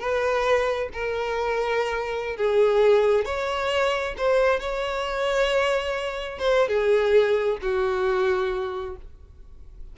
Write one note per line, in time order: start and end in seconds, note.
0.00 0.90 B4
0.94 2.37 A#4
2.37 3.26 G#4
3.26 4.15 C#5
4.18 4.60 C5
4.60 6.39 C#5
6.39 6.69 C5
6.69 7.58 G#4
7.62 8.97 F#4